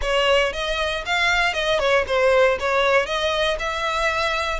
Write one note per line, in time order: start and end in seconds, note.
0.01 0.53 C#5
0.53 1.04 D#5
1.05 1.53 F5
1.53 1.79 D#5
1.79 2.04 C#5
2.07 2.58 C5
2.59 3.06 C#5
3.06 3.57 D#5
3.59 4.59 E5